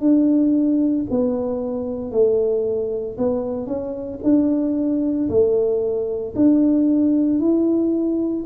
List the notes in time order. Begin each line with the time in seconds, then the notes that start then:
0.00 D4
1.10 B3
2.11 A3
3.18 B3
3.67 C#4
4.23 D4
5.29 A3
6.35 D4
7.39 E4